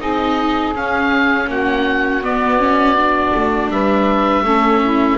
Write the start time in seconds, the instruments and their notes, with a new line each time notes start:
0.00 double bass C4, viola D#4, saxophone G#4, oboe D#5
0.75 double bass C#4, viola C#4, oboe F5
1.48 double bass A#3, saxophone F#4, oboe F#5
2.22 double bass B3, viola B3, oboe D5
2.59 viola C#4
2.97 viola D4
3.35 double bass A3
3.69 double bass G3, saxophone B4, oboe E5
4.44 double bass A3, viola C#4, saxophone A4
4.82 saxophone E4